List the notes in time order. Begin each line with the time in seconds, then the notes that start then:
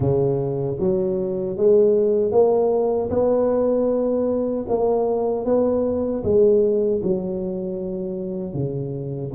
0.00 C#3
0.79 F#3
1.57 G#3
2.31 A#3
3.10 B3
4.68 A#3
5.45 B3
6.23 G#3
7.02 F#3
8.53 C#3